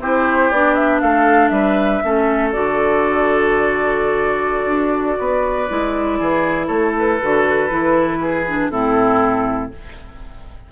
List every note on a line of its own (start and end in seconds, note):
0.00 0.50 C4
0.00 0.53 E4
0.00 1.02 G4
0.00 0.51 C5
0.51 1.02 B3
0.51 2.04 D4
0.51 0.75 D5
0.75 1.00 E5
1.01 1.50 A3
1.01 1.52 A4
1.01 1.49 F5
1.49 2.01 G3
1.49 2.03 B4
1.49 2.50 E5
2.04 2.55 A3
2.04 2.53 C#4
2.04 5.19 A4
2.52 4.66 D3
2.52 5.68 F#4
2.52 6.67 D5
4.66 5.16 D4
5.19 5.70 B3
5.19 6.19 B4
5.69 6.20 G#3
5.69 7.20 E4
6.19 6.69 E3
6.19 6.67 G#4
6.67 7.19 A3
6.67 8.18 A4
6.67 6.93 C#5
6.98 8.70 B4
7.22 7.71 D3
7.22 7.70 F#4
7.70 8.71 E3
7.70 8.45 E4
8.22 8.71 G#4
8.48 8.71 D4
8.70 9.72 A2
8.70 9.72 C4
8.70 9.72 E4
8.70 9.71 A4